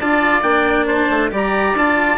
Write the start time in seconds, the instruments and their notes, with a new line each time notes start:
0.00 bassoon D4, cello F4, oboe D5, trumpet A5
0.42 bassoon A#3, cello D4, trumpet G5
0.86 oboe C5, trumpet A5
1.10 bassoon A3
1.31 bassoon G3, cello G4, oboe D5, trumpet A#5
1.74 bassoon D4, cello F4, trumpet A5